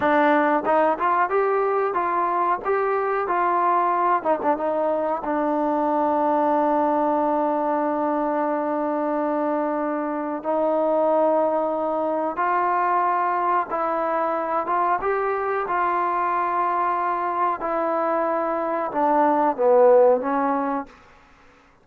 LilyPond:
\new Staff \with { instrumentName = "trombone" } { \time 4/4 \tempo 4 = 92 d'4 dis'8 f'8 g'4 f'4 | g'4 f'4. dis'16 d'16 dis'4 | d'1~ | d'1 |
dis'2. f'4~ | f'4 e'4. f'8 g'4 | f'2. e'4~ | e'4 d'4 b4 cis'4 | }